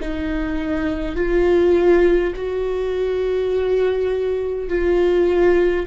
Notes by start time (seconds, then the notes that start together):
0.00 D#4
1.16 F4
2.35 F#4
4.68 F4